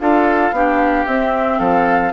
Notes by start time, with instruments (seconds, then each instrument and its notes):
0.00 bassoon D4, clarinet F4, oboe A4, flute F5
0.52 bassoon B3, clarinet D4, oboe G4
1.07 bassoon C4, clarinet C4, flute E5
1.59 bassoon F3, oboe A4, flute F5